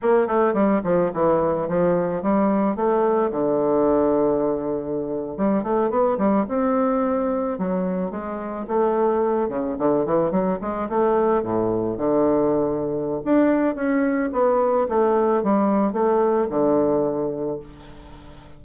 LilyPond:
\new Staff \with { instrumentName = "bassoon" } { \time 4/4 \tempo 4 = 109 ais8 a8 g8 f8 e4 f4 | g4 a4 d2~ | d4.~ d16 g8 a8 b8 g8 c'16~ | c'4.~ c'16 fis4 gis4 a16~ |
a4~ a16 cis8 d8 e8 fis8 gis8 a16~ | a8. a,4 d2~ d16 | d'4 cis'4 b4 a4 | g4 a4 d2 | }